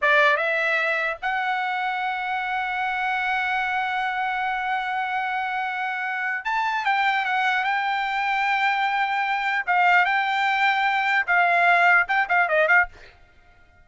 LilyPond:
\new Staff \with { instrumentName = "trumpet" } { \time 4/4 \tempo 4 = 149 d''4 e''2 fis''4~ | fis''1~ | fis''1~ | fis''1 |
a''4 g''4 fis''4 g''4~ | g''1 | f''4 g''2. | f''2 g''8 f''8 dis''8 f''8 | }